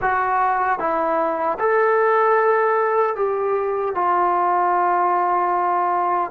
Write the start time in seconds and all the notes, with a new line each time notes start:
0.01 F#4
0.79 E4
1.59 A4
3.15 G4
3.95 F4